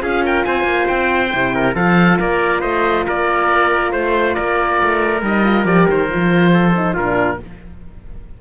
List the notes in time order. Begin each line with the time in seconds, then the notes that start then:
0.00 C#4 F4 G#4 F5
0.24 A#4 G5
0.45 C4 C5 G#5
0.64 A#3
0.88 C4 G5
1.31 C3 E4
1.55 A#4
1.75 F3 F4 A4 F5
2.19 A#3 A#4 D5
2.61 A3 C5 D#5
3.07 A#3 A#4 D5
3.92 A3 C5
4.34 A#3 A#4 D5
4.83 A3
5.22 G3 D#4 D#5
5.45 F4
5.65 F3 G4 D5
5.89 D#3 C5
6.09 F3 F4
6.54 A4
6.76 D#4
6.94 A#2 D4 F4 A#4